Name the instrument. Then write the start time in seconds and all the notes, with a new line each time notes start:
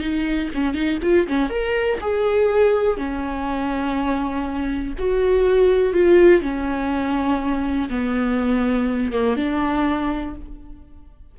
viola
0.00 D#4
0.54 C#4
0.74 D#4
1.02 F4
1.27 C#4
1.50 A#4
2.01 G#4
2.97 C#4
4.99 F#4
5.93 F4
6.42 C#4
7.90 B3
9.12 A#3
9.36 D4